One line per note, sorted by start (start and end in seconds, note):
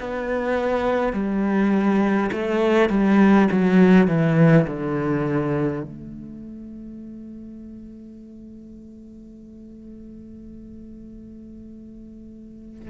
0.00 1.13 B3
1.13 2.31 G3
2.32 2.90 A3
2.90 3.49 G3
3.52 4.08 F#3
4.08 4.67 E3
4.67 5.83 D3
5.83 12.89 A3